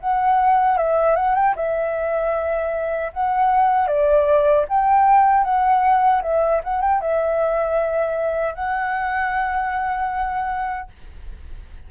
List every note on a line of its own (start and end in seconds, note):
0.00 0.78 F#5
0.78 1.16 E5
1.16 1.35 F#5
1.35 1.55 G5
1.56 3.12 E5
3.13 3.88 F#5
3.88 4.66 D5
4.69 5.44 G5
5.44 6.22 F#5
6.23 6.62 E5
6.64 6.82 F#5
6.82 7.01 G5
7.02 8.55 E5
8.55 10.89 F#5